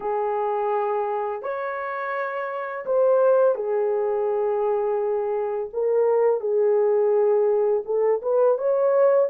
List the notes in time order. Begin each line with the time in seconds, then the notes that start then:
0.00 G#4
1.42 C#5
2.85 C5
3.55 G#4
5.73 A#4
6.40 G#4
7.85 A4
8.22 B4
8.58 C#5